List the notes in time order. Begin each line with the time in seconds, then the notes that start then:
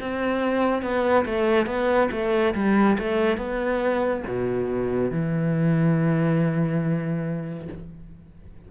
0.00 C4
0.82 B3
1.25 A3
1.66 B3
2.11 A3
2.54 G3
2.98 A3
3.37 B3
4.27 B2
5.11 E3